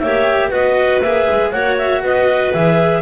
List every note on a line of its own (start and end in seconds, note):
0.00 0.51 A#3
0.00 0.51 G4
0.00 0.50 C#5
0.00 0.50 E5
0.50 1.02 B3
0.50 1.02 F#4
0.50 1.51 B4
0.50 1.02 D#5
1.02 1.28 A#3
1.02 1.54 G#4
1.02 1.51 E5
1.30 1.53 G#3
1.51 2.02 A#3
1.51 2.54 F#4
1.51 2.02 C#5
1.51 1.76 F#5
1.78 2.03 E5
2.02 2.53 B3
2.02 3.03 B4
2.02 2.53 D#5
2.53 3.03 E3
2.53 3.03 G#4
2.53 3.03 E5